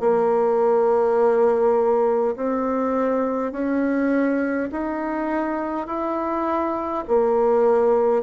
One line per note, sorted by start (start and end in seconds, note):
0.00 2.35 A#3
2.36 3.52 C4
3.52 4.70 C#4
4.71 5.87 D#4
5.87 7.04 E4
7.07 8.23 A#3